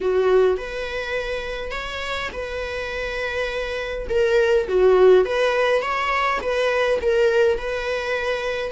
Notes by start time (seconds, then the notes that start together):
0.01 F#4
0.57 B4
1.71 C#5
2.32 B4
4.09 A#4
4.68 F#4
5.25 B4
5.81 C#5
6.41 B4
7.01 A#4
7.57 B4